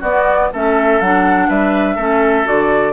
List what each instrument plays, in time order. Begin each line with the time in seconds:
0.00 bassoon B3, clarinet B3, oboe F#4, flute D5
0.53 bassoon A3, clarinet C#4, oboe A4, flute E5
1.00 bassoon F#3, clarinet D4, flute F#5
1.48 bassoon G3, oboe B4, flute E5
1.95 bassoon A3, clarinet C#4, oboe A4
2.45 bassoon D3, clarinet F#4, flute D5